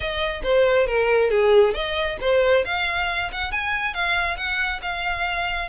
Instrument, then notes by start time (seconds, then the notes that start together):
violin
0.00 D#5
0.43 C5
0.86 A#4
1.30 G#4
1.74 D#5
2.21 C5
2.65 F5
3.31 F#5
3.51 G#5
3.94 F5
4.36 F#5
4.82 F5